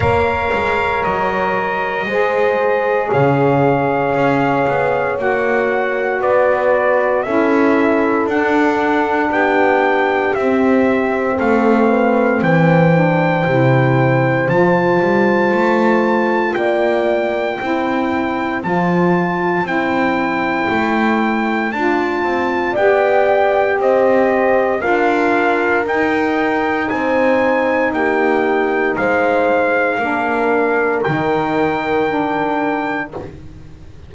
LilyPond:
<<
  \new Staff \with { instrumentName = "trumpet" } { \time 4/4 \tempo 4 = 58 f''4 dis''2 f''4~ | f''4 fis''4 d''4 e''4 | fis''4 g''4 e''4 f''4 | g''2 a''2 |
g''2 a''4 g''4~ | g''4 a''4 g''4 dis''4 | f''4 g''4 gis''4 g''4 | f''2 g''2 | }
  \new Staff \with { instrumentName = "horn" } { \time 4/4 cis''2 c''4 cis''4~ | cis''2 b'4 a'4~ | a'4 g'2 a'8 b'8 | c''1 |
d''4 c''2.~ | c''2 d''4 c''4 | ais'2 c''4 g'4 | c''4 ais'2. | }
  \new Staff \with { instrumentName = "saxophone" } { \time 4/4 ais'2 gis'2~ | gis'4 fis'2 e'4 | d'2 c'2~ | c'8 d'8 e'4 f'2~ |
f'4 e'4 f'4 e'4~ | e'4 f'4 g'2 | f'4 dis'2.~ | dis'4 d'4 dis'4 d'4 | }
  \new Staff \with { instrumentName = "double bass" } { \time 4/4 ais8 gis8 fis4 gis4 cis4 | cis'8 b8 ais4 b4 cis'4 | d'4 b4 c'4 a4 | e4 c4 f8 g8 a4 |
ais4 c'4 f4 c'4 | a4 d'8 c'8 b4 c'4 | d'4 dis'4 c'4 ais4 | gis4 ais4 dis2 | }
>>